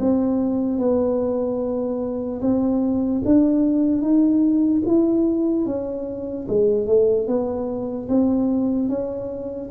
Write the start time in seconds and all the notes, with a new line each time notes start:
0.00 C4
0.79 B3
2.42 C4
3.25 D4
4.02 D#4
4.86 E4
5.66 C#4
6.48 G#3
6.87 A3
7.27 B3
8.09 C4
8.89 C#4